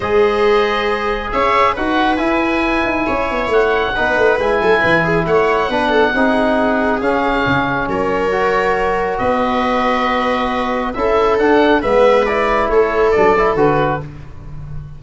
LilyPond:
<<
  \new Staff \with { instrumentName = "oboe" } { \time 4/4 \tempo 4 = 137 dis''2. e''4 | fis''4 gis''2. | fis''2 gis''2 | fis''1 |
f''2 cis''2~ | cis''4 dis''2.~ | dis''4 e''4 fis''4 e''4 | d''4 cis''4 d''4 b'4 | }
  \new Staff \with { instrumentName = "viola" } { \time 4/4 c''2. cis''4 | b'2. cis''4~ | cis''4 b'4. a'8 b'8 gis'8 | cis''4 b'8 a'8 gis'2~ |
gis'2 ais'2~ | ais'4 b'2.~ | b'4 a'2 b'4~ | b'4 a'2. | }
  \new Staff \with { instrumentName = "trombone" } { \time 4/4 gis'1 | fis'4 e'2.~ | e'4 dis'4 e'2~ | e'4 d'4 dis'2 |
cis'2. fis'4~ | fis'1~ | fis'4 e'4 d'4 b4 | e'2 d'8 e'8 fis'4 | }
  \new Staff \with { instrumentName = "tuba" } { \time 4/4 gis2. cis'4 | dis'4 e'4. dis'8 cis'8 b8 | a4 b8 a8 gis8 fis8 e4 | a4 b4 c'2 |
cis'4 cis4 fis2~ | fis4 b2.~ | b4 cis'4 d'4 gis4~ | gis4 a4 fis4 d4 | }
>>